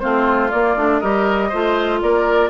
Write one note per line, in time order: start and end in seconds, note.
0.00 0.53 A3
0.00 0.50 C4
0.00 1.01 F4
0.00 0.50 C5
0.51 0.76 A#3
0.51 0.78 A#3
0.51 1.00 D5
0.76 1.01 A3
0.76 1.02 D4
1.00 1.53 G3
1.00 1.52 G4
1.00 1.49 A#4
1.00 2.00 D#5
1.49 2.02 A3
1.49 2.50 F4
1.49 1.99 C5
2.02 2.50 A#3
2.02 2.50 A#4
2.02 2.50 D5